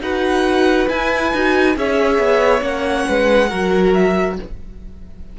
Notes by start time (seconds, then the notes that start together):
0.00 D#4 F#4 B4 F#5
0.89 E4 G#5
1.33 D#4 F#4
1.75 C#4 G#4 C#5 E5
2.18 B3
2.60 A#3 C#4 F#5
3.08 G#3 B4
3.49 F#3 F#4 A#4
3.93 E5